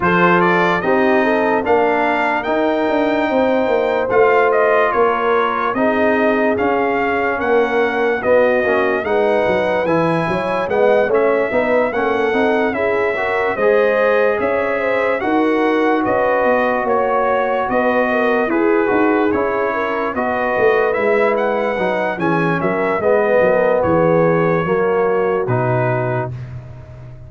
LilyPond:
<<
  \new Staff \with { instrumentName = "trumpet" } { \time 4/4 \tempo 4 = 73 c''8 d''8 dis''4 f''4 g''4~ | g''4 f''8 dis''8 cis''4 dis''4 | f''4 fis''4 dis''4 fis''4 | gis''4 fis''8 e''4 fis''4 e''8~ |
e''8 dis''4 e''4 fis''4 dis''8~ | dis''8 cis''4 dis''4 b'4 cis''8~ | cis''8 dis''4 e''8 fis''4 gis''8 e''8 | dis''4 cis''2 b'4 | }
  \new Staff \with { instrumentName = "horn" } { \time 4/4 a'4 g'8 a'8 ais'2 | c''2 ais'4 gis'4~ | gis'4 ais'4 fis'4 b'4~ | b'8 cis''8 dis''8 cis''8 b'8 a'4 gis'8 |
ais'8 c''4 cis''8 c''8 ais'4 b'8~ | b'8 cis''4 b'8 ais'8 gis'4. | ais'8 b'2~ b'8 gis'8 ais'8 | b'8 ais'8 gis'4 fis'2 | }
  \new Staff \with { instrumentName = "trombone" } { \time 4/4 f'4 dis'4 d'4 dis'4~ | dis'4 f'2 dis'4 | cis'2 b8 cis'8 dis'4 | e'4 b8 cis'8 dis'8 cis'8 dis'8 e'8 |
fis'8 gis'2 fis'4.~ | fis'2~ fis'8 gis'8 fis'8 e'8~ | e'8 fis'4 e'4 dis'8 cis'4 | b2 ais4 dis'4 | }
  \new Staff \with { instrumentName = "tuba" } { \time 4/4 f4 c'4 ais4 dis'8 d'8 | c'8 ais8 a4 ais4 c'4 | cis'4 ais4 b8 ais8 gis8 fis8 | e8 fis8 gis8 a8 b8 ais8 c'8 cis'8~ |
cis'8 gis4 cis'4 dis'4 cis'8 | b8 ais4 b4 e'8 dis'8 cis'8~ | cis'8 b8 a8 gis4 fis8 e8 fis8 | gis8 fis8 e4 fis4 b,4 | }
>>